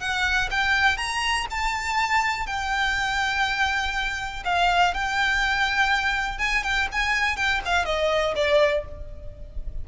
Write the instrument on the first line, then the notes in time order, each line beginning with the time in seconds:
violin
0.00 F#5
0.51 G5
0.97 A#5
1.50 A5
2.46 G5
4.45 F5
4.94 G5
6.38 G#5
6.63 G5
6.92 G#5
7.36 G5
7.65 F5
7.85 D#5
8.35 D5